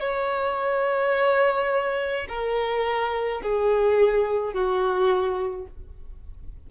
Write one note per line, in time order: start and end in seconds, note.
0.00 2.26 C#5
2.28 3.42 A#4
3.42 4.53 G#4
4.53 5.67 F#4